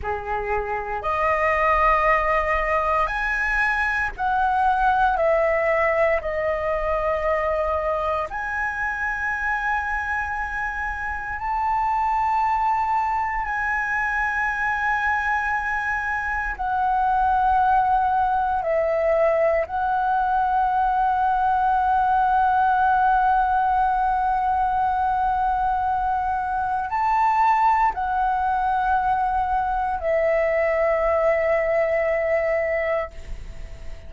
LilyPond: \new Staff \with { instrumentName = "flute" } { \time 4/4 \tempo 4 = 58 gis'4 dis''2 gis''4 | fis''4 e''4 dis''2 | gis''2. a''4~ | a''4 gis''2. |
fis''2 e''4 fis''4~ | fis''1~ | fis''2 a''4 fis''4~ | fis''4 e''2. | }